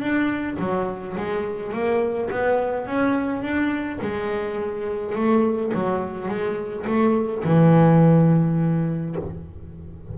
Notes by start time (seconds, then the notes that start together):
0.00 D4
0.59 F#3
1.17 G#3
1.72 A#3
2.30 B3
2.86 C#4
3.42 D4
4.01 G#3
5.15 A3
5.74 F#3
6.28 G#3
6.86 A3
7.44 E3